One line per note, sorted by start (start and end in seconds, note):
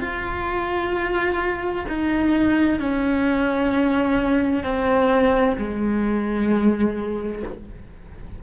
0.00 1.85 F4
1.88 2.79 D#4
2.79 4.63 C#4
4.63 5.56 C4
5.58 7.42 G#3